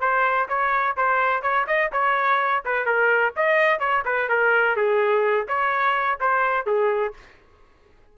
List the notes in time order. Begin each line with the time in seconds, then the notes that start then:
0.00 C5
0.48 C#5
0.96 C5
1.42 C#5
1.67 D#5
1.92 C#5
2.65 B4
2.85 A#4
3.36 D#5
3.79 C#5
4.05 B4
4.29 A#4
4.76 G#4
5.47 C#5
6.20 C5
6.66 G#4